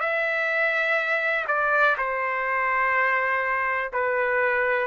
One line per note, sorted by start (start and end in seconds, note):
0.00 1.45 E5
1.47 1.96 D5
1.98 3.91 C5
3.92 4.87 B4